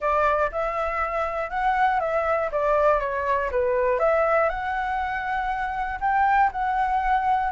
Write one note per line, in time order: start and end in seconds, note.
0.00 0.50 D5
0.51 1.50 E5
1.50 2.00 F#5
2.00 2.50 E5
2.51 3.00 D5
3.00 3.50 C#5
3.51 3.99 B4
3.99 4.49 E5
4.49 5.99 F#5
6.00 6.50 G5
6.52 7.52 F#5